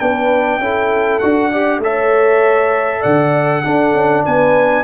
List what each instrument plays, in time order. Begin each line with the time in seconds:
0.00 tuba B3, trombone D4, horn B4, trumpet G5
0.59 tuba C#4, trombone E4, horn A4
1.20 tuba D4, trombone F#4, trumpet F#5
1.52 trombone G4, horn D5
1.79 tuba A3, trombone A4, horn C#5, trumpet E5
3.01 tuba D3, horn D5, trumpet F#5
3.64 trombone D4, tuba D4, horn A4
3.94 tuba C#4
4.25 tuba B3, horn B4, trumpet G#5